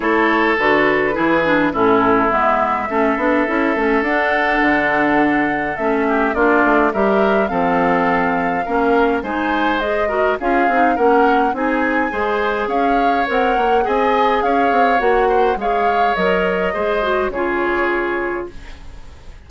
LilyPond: <<
  \new Staff \with { instrumentName = "flute" } { \time 4/4 \tempo 4 = 104 cis''4 b'2 a'4 | e''2. fis''4~ | fis''2 e''4 d''4 | e''4 f''2. |
gis''4 dis''4 f''4 fis''4 | gis''2 f''4 fis''4 | gis''4 f''4 fis''4 f''4 | dis''2 cis''2 | }
  \new Staff \with { instrumentName = "oboe" } { \time 4/4 a'2 gis'4 e'4~ | e'4 a'2.~ | a'2~ a'8 g'8 f'4 | ais'4 a'2 ais'4 |
c''4. ais'8 gis'4 ais'4 | gis'4 c''4 cis''2 | dis''4 cis''4. c''8 cis''4~ | cis''4 c''4 gis'2 | }
  \new Staff \with { instrumentName = "clarinet" } { \time 4/4 e'4 fis'4 e'8 d'8 cis'4 | b4 cis'8 d'8 e'8 cis'8 d'4~ | d'2 cis'4 d'4 | g'4 c'2 cis'4 |
dis'4 gis'8 fis'8 f'8 dis'8 cis'4 | dis'4 gis'2 ais'4 | gis'2 fis'4 gis'4 | ais'4 gis'8 fis'8 f'2 | }
  \new Staff \with { instrumentName = "bassoon" } { \time 4/4 a4 d4 e4 a,4 | gis4 a8 b8 cis'8 a8 d'4 | d2 a4 ais8 a8 | g4 f2 ais4 |
gis2 cis'8 c'8 ais4 | c'4 gis4 cis'4 c'8 ais8 | c'4 cis'8 c'8 ais4 gis4 | fis4 gis4 cis2 | }
>>